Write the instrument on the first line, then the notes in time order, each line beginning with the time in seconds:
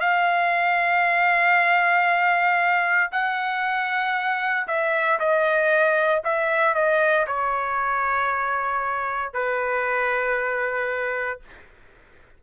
trumpet
0.00 F5
3.12 F#5
4.67 E5
5.19 D#5
6.24 E5
6.75 D#5
7.27 C#5
9.33 B4